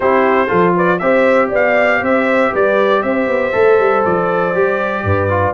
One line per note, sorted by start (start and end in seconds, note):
0.00 0.49 C4
0.00 0.47 E4
0.00 0.48 G4
0.00 0.74 C5
0.47 1.01 F3
0.47 0.98 F4
0.47 0.73 A4
0.76 1.01 B4
0.76 0.99 D5
0.99 1.51 C4
0.99 3.52 G4
0.99 1.48 C5
0.99 1.49 E5
1.48 2.01 B3
1.48 1.99 D5
1.54 2.04 F5
2.01 2.52 C4
2.01 2.51 C5
2.01 2.55 E5
2.51 3.03 G3
2.51 3.02 B4
2.51 3.02 D5
3.02 3.27 C4
3.02 5.05 C5
3.02 4.03 E5
3.27 3.52 B3
3.52 3.79 A3
3.52 4.53 A4
3.79 4.05 G3
4.05 4.54 F3
4.05 5.54 D5
4.54 5.03 G3
4.54 5.29 G4
5.03 5.54 G2
5.03 5.54 B4
5.29 5.54 F4